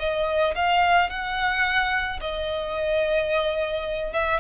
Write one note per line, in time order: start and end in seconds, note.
0.00 0.55 D#5
0.55 1.10 F5
1.10 2.20 F#5
2.21 4.14 D#5
4.14 4.41 E5